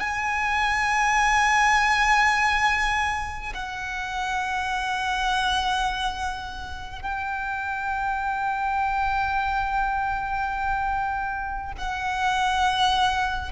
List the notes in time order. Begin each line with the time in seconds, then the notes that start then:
0.00 G#5
3.53 F#5
7.02 G5
11.77 F#5